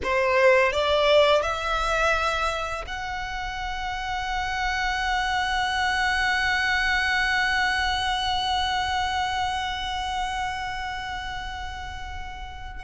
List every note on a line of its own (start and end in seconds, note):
0.03 0.72 C5
0.72 1.42 D5
1.42 2.84 E5
2.86 12.84 F#5